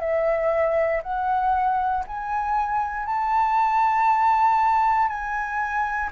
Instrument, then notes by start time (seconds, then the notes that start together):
flute
0.00 E5
1.03 F#5
2.07 G#5
3.06 A5
5.08 G#5